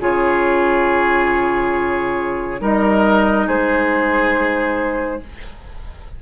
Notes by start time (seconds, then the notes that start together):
0.00 C#3 F4 G#4 C#5
2.59 G3 D#4 A#4 D#5
3.46 G#3 G#4 C5